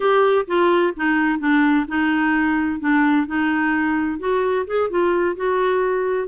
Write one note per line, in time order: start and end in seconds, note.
0.00 0.45 G4
0.47 0.93 F4
0.96 1.39 D#4
1.39 1.85 D4
1.88 2.80 D#4
2.80 3.26 D4
3.26 4.19 D#4
4.19 4.66 F#4
4.67 4.89 G#4
4.89 5.36 F4
5.36 6.28 F#4